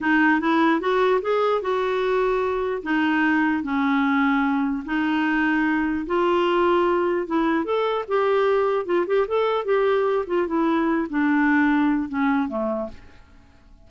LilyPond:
\new Staff \with { instrumentName = "clarinet" } { \time 4/4 \tempo 4 = 149 dis'4 e'4 fis'4 gis'4 | fis'2. dis'4~ | dis'4 cis'2. | dis'2. f'4~ |
f'2 e'4 a'4 | g'2 f'8 g'8 a'4 | g'4. f'8 e'4. d'8~ | d'2 cis'4 a4 | }